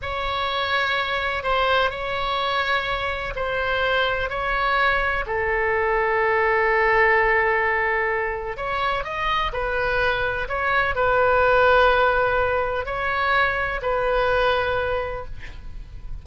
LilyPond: \new Staff \with { instrumentName = "oboe" } { \time 4/4 \tempo 4 = 126 cis''2. c''4 | cis''2. c''4~ | c''4 cis''2 a'4~ | a'1~ |
a'2 cis''4 dis''4 | b'2 cis''4 b'4~ | b'2. cis''4~ | cis''4 b'2. | }